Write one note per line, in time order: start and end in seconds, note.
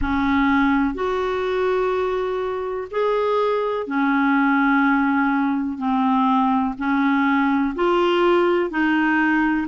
0.01 0.94 C#4
0.94 2.88 F#4
2.90 3.87 G#4
3.87 5.78 C#4
5.78 6.74 C4
6.77 7.74 C#4
7.75 8.70 F4
8.70 9.67 D#4